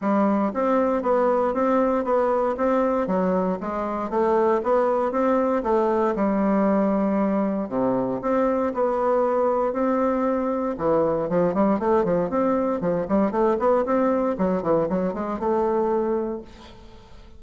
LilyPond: \new Staff \with { instrumentName = "bassoon" } { \time 4/4 \tempo 4 = 117 g4 c'4 b4 c'4 | b4 c'4 fis4 gis4 | a4 b4 c'4 a4 | g2. c4 |
c'4 b2 c'4~ | c'4 e4 f8 g8 a8 f8 | c'4 f8 g8 a8 b8 c'4 | fis8 e8 fis8 gis8 a2 | }